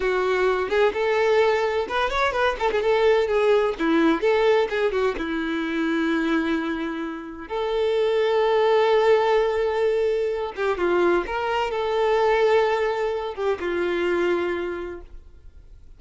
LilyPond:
\new Staff \with { instrumentName = "violin" } { \time 4/4 \tempo 4 = 128 fis'4. gis'8 a'2 | b'8 cis''8 b'8 a'16 gis'16 a'4 gis'4 | e'4 a'4 gis'8 fis'8 e'4~ | e'1 |
a'1~ | a'2~ a'8 g'8 f'4 | ais'4 a'2.~ | a'8 g'8 f'2. | }